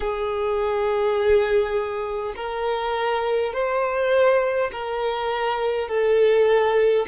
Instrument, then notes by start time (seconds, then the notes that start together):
violin
0.00 G#4
2.35 A#4
3.53 C5
4.72 A#4
5.88 A4